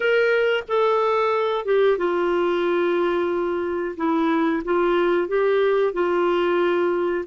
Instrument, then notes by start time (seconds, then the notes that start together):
clarinet
0.00 A#4
0.68 A4
1.65 G4
1.98 F4
3.97 E4
4.64 F4
5.27 G4
5.93 F4